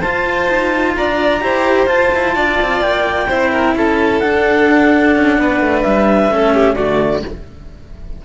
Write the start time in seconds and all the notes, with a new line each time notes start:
0.00 F4 C5 A5
0.49 D#4
0.96 D4 D5 A#5
1.41 E4 G4 C5
1.86 F4 A5
2.14 E4
2.35 D4 D5
2.61 C4
2.80 A#3 G5
3.28 C4 E4 C5
3.51 A#4
3.75 C#4 A4 A5
4.19 D4 F#5
5.16 C#4
5.38 B3 B4
5.60 A3
5.82 G3 E5
6.28 A3 C#4 A4
6.54 G4
6.75 D3 A3 F#4 D5